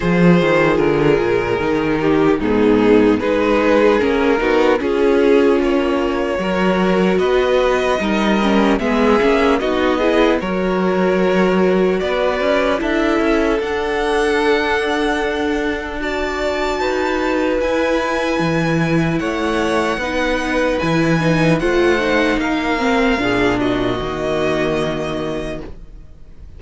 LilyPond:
<<
  \new Staff \with { instrumentName = "violin" } { \time 4/4 \tempo 4 = 75 c''4 ais'2 gis'4 | b'4 ais'4 gis'4 cis''4~ | cis''4 dis''2 e''4 | dis''4 cis''2 d''4 |
e''4 fis''2. | a''2 gis''2 | fis''2 gis''4 fis''4 | f''4. dis''2~ dis''8 | }
  \new Staff \with { instrumentName = "violin" } { \time 4/4 gis'2~ gis'8 g'8 dis'4 | gis'4. fis'8 cis'2 | ais'4 b'4 ais'4 gis'4 | fis'8 gis'8 ais'2 b'4 |
a'1 | d''4 b'2. | cis''4 b'2 c''4 | ais'4 gis'8 fis'2~ fis'8 | }
  \new Staff \with { instrumentName = "viola" } { \time 4/4 f'2 dis'4 b4 | dis'4 cis'8 dis'8 f'2 | fis'2 dis'8 cis'8 b8 cis'8 | dis'8 e'8 fis'2. |
e'4 d'2. | fis'2 e'2~ | e'4 dis'4 e'8 dis'8 f'8 dis'8~ | dis'8 c'8 d'4 ais2 | }
  \new Staff \with { instrumentName = "cello" } { \time 4/4 f8 dis8 d8 ais,8 dis4 gis,4 | gis4 ais8 b8 cis'4 ais4 | fis4 b4 g4 gis8 ais8 | b4 fis2 b8 cis'8 |
d'8 cis'8 d'2.~ | d'4 dis'4 e'4 e4 | a4 b4 e4 a4 | ais4 ais,4 dis2 | }
>>